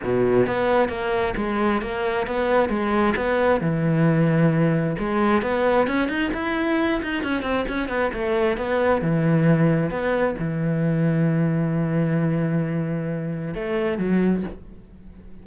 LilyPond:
\new Staff \with { instrumentName = "cello" } { \time 4/4 \tempo 4 = 133 b,4 b4 ais4 gis4 | ais4 b4 gis4 b4 | e2. gis4 | b4 cis'8 dis'8 e'4. dis'8 |
cis'8 c'8 cis'8 b8 a4 b4 | e2 b4 e4~ | e1~ | e2 a4 fis4 | }